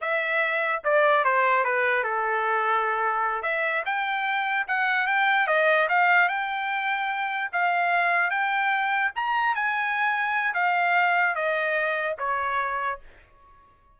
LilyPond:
\new Staff \with { instrumentName = "trumpet" } { \time 4/4 \tempo 4 = 148 e''2 d''4 c''4 | b'4 a'2.~ | a'8 e''4 g''2 fis''8~ | fis''8 g''4 dis''4 f''4 g''8~ |
g''2~ g''8 f''4.~ | f''8 g''2 ais''4 gis''8~ | gis''2 f''2 | dis''2 cis''2 | }